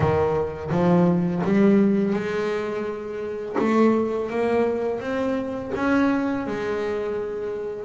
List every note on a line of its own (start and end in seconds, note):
0.00 0.70 D#3
0.70 1.42 F3
1.44 2.13 G3
2.13 3.56 G#3
3.58 4.30 A3
4.30 5.00 A#3
5.00 5.71 C4
5.75 6.46 C#4
6.46 7.84 G#3